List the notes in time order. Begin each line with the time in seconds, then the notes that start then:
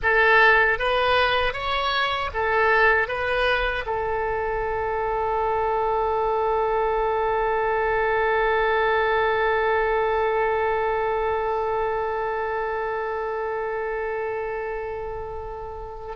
0.02 A4
0.78 B4
1.53 C#5
2.33 A4
3.08 B4
3.86 A4